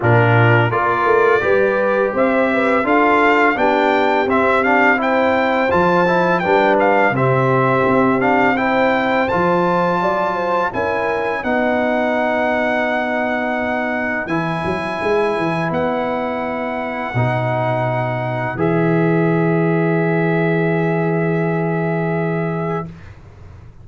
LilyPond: <<
  \new Staff \with { instrumentName = "trumpet" } { \time 4/4 \tempo 4 = 84 ais'4 d''2 e''4 | f''4 g''4 e''8 f''8 g''4 | a''4 g''8 f''8 e''4. f''8 | g''4 a''2 gis''4 |
fis''1 | gis''2 fis''2~ | fis''2 e''2~ | e''1 | }
  \new Staff \with { instrumentName = "horn" } { \time 4/4 f'4 ais'4 b'4 c''8 b'8 | a'4 g'2 c''4~ | c''4 b'4 g'2 | c''2 d''8 c''8 ais'4 |
b'1~ | b'1~ | b'1~ | b'1 | }
  \new Staff \with { instrumentName = "trombone" } { \time 4/4 d'4 f'4 g'2 | f'4 d'4 c'8 d'8 e'4 | f'8 e'8 d'4 c'4. d'8 | e'4 f'2 e'4 |
dis'1 | e'1 | dis'2 gis'2~ | gis'1 | }
  \new Staff \with { instrumentName = "tuba" } { \time 4/4 ais,4 ais8 a8 g4 c'4 | d'4 b4 c'2 | f4 g4 c4 c'4~ | c'4 f4 fis4 cis'4 |
b1 | e8 fis8 gis8 e8 b2 | b,2 e2~ | e1 | }
>>